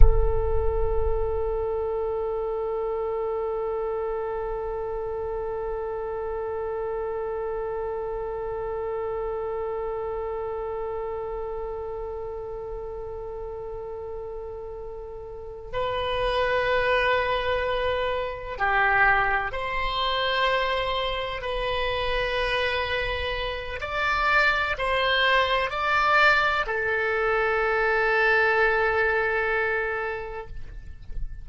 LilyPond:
\new Staff \with { instrumentName = "oboe" } { \time 4/4 \tempo 4 = 63 a'1~ | a'1~ | a'1~ | a'1~ |
a'8 b'2. g'8~ | g'8 c''2 b'4.~ | b'4 d''4 c''4 d''4 | a'1 | }